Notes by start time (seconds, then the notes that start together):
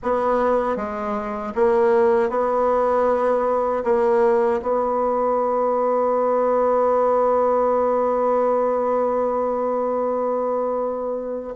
0.02 B3
0.76 G#3
1.55 A#3
2.29 B3
3.84 A#3
4.62 B3